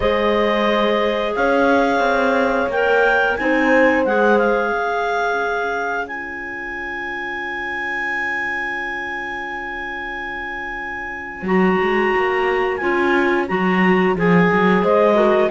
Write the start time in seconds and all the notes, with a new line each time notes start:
0.00 G#3 G#4 C5 D#5
1.35 C#4 C#5 F5
1.99 C4
2.67 A#3 A#4 G5
3.36 C4 D#4 C5 G#5
4.04 G#3 G#4 F#5
4.38 F5
4.71 C#4 C#5
6.07 F4 G#5
11.42 F#3 F#4 A#5
11.81 G#3
12.15 A#3
12.76 C#4 F4 G#5
13.48 F#3 F#4 A#5
14.15 F3 G#4 G#5
14.53 F#3
14.82 G#3 C5 D#5
15.14 F#4 A#4